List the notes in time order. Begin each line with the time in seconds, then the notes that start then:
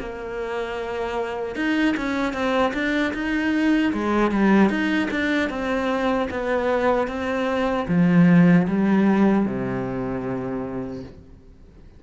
0.00 A#3
1.56 D#4
1.97 C#4
2.34 C4
2.74 D4
3.14 D#4
3.94 G#3
4.32 G3
4.70 D#4
5.11 D4
5.50 C4
6.31 B3
7.08 C4
7.88 F3
8.68 G3
9.46 C3